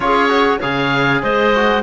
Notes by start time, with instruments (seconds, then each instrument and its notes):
0.00 cello C#4, trombone F4, clarinet G#4, oboe C#5
0.28 trombone F#4
0.58 cello C#3, trombone G#4, clarinet C#5, oboe F5
1.22 cello G#3, clarinet C5, oboe D#5
1.55 trombone F#4